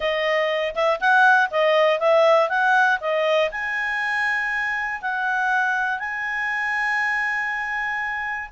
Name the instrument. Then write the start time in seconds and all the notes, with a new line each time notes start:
clarinet
0.00 D#5
0.75 E5
1.00 F#5
1.50 D#5
1.99 E5
2.49 F#5
3.00 D#5
3.51 G#5
5.01 F#5
5.99 G#5